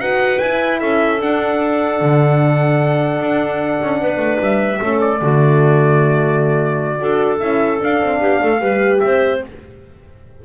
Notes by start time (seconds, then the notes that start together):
0.00 D#4 F#4 B4 F#5
0.39 E4 G#5
0.80 C#4 A4 E5
1.19 D4 F#5
2.01 D3
3.20 D4
3.83 C#4
4.01 B3 B4
4.18 A3
4.40 G3 E5
4.80 A3 C#4 A4
5.00 D5
5.22 D3 A3 F#4
7.00 D4 F#4 A4
7.40 C#4 E4 E5
7.79 D4 F5
8.01 C4
8.20 B3 G4
8.42 A3 A4
8.61 G3 G4 B4
9.00 C4 C5 E5